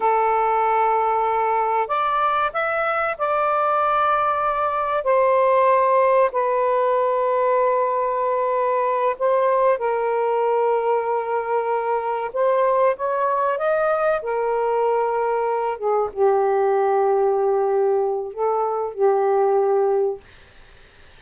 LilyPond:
\new Staff \with { instrumentName = "saxophone" } { \time 4/4 \tempo 4 = 95 a'2. d''4 | e''4 d''2. | c''2 b'2~ | b'2~ b'8 c''4 ais'8~ |
ais'2.~ ais'8 c''8~ | c''8 cis''4 dis''4 ais'4.~ | ais'4 gis'8 g'2~ g'8~ | g'4 a'4 g'2 | }